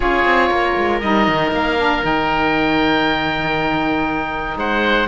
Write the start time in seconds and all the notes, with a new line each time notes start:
0.00 C#4 F4 G#4 C#5
0.24 C4
0.49 A#3 A#4
0.76 G#3
1.00 G3 D#4 D#5
1.27 D#3
1.51 A#3 F5
1.77 D4
2.01 D#3 D#4 G5
4.56 G#3 C5 F#5